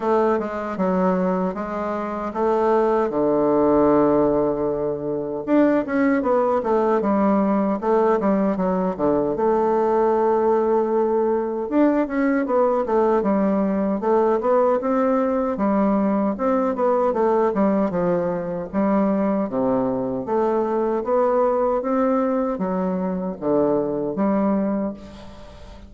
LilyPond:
\new Staff \with { instrumentName = "bassoon" } { \time 4/4 \tempo 4 = 77 a8 gis8 fis4 gis4 a4 | d2. d'8 cis'8 | b8 a8 g4 a8 g8 fis8 d8 | a2. d'8 cis'8 |
b8 a8 g4 a8 b8 c'4 | g4 c'8 b8 a8 g8 f4 | g4 c4 a4 b4 | c'4 fis4 d4 g4 | }